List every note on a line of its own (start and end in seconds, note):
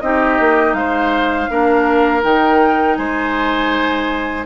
0.00 0.39 C4
0.00 1.49 D#4
0.00 0.77 G4
0.00 0.73 D#5
0.39 0.73 A#3
0.73 1.47 G#3
0.73 1.50 C5
0.73 2.21 F5
1.49 2.23 A#3
1.49 2.22 D4
1.49 2.98 A#4
2.22 2.97 D#3
2.22 4.44 D#4
2.22 2.96 G5
2.96 4.46 G#3
2.96 4.46 C5
2.96 4.44 G#5